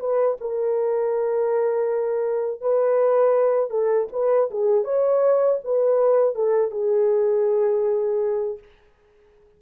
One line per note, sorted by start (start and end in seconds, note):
0.00 0.38 B4
0.41 2.61 A#4
2.61 3.71 B4
3.71 4.08 A4
4.13 4.50 B4
4.51 4.85 G#4
4.85 5.60 C#5
5.65 6.35 B4
6.35 6.72 A4
6.72 8.59 G#4